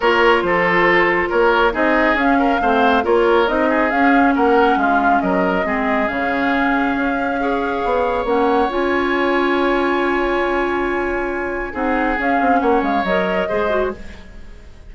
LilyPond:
<<
  \new Staff \with { instrumentName = "flute" } { \time 4/4 \tempo 4 = 138 cis''4 c''2 cis''4 | dis''4 f''2 cis''4 | dis''4 f''4 fis''4 f''4 | dis''2 f''2~ |
f''2. fis''4 | gis''1~ | gis''2. fis''4 | f''4 fis''8 f''8 dis''2 | }
  \new Staff \with { instrumentName = "oboe" } { \time 4/4 ais'4 a'2 ais'4 | gis'4. ais'8 c''4 ais'4~ | ais'8 gis'4. ais'4 f'4 | ais'4 gis'2.~ |
gis'4 cis''2.~ | cis''1~ | cis''2. gis'4~ | gis'4 cis''2 c''4 | }
  \new Staff \with { instrumentName = "clarinet" } { \time 4/4 f'1 | dis'4 cis'4 c'4 f'4 | dis'4 cis'2.~ | cis'4 c'4 cis'2~ |
cis'4 gis'2 cis'4 | f'1~ | f'2. dis'4 | cis'2 ais'4 gis'8 fis'8 | }
  \new Staff \with { instrumentName = "bassoon" } { \time 4/4 ais4 f2 ais4 | c'4 cis'4 a4 ais4 | c'4 cis'4 ais4 gis4 | fis4 gis4 cis2 |
cis'2 b4 ais4 | cis'1~ | cis'2. c'4 | cis'8 c'8 ais8 gis8 fis4 gis4 | }
>>